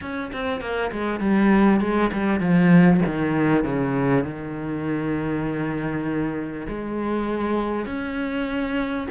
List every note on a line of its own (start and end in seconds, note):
0.01 0.31 C#4
0.33 0.60 C4
0.60 0.91 A#3
0.91 1.20 G#3
1.20 1.80 G3
1.80 2.10 G#3
2.12 2.40 G3
2.40 3.00 F3
3.06 3.64 D#3
3.64 4.24 C#3
4.24 6.66 D#3
6.67 7.86 G#3
7.86 9.07 C#4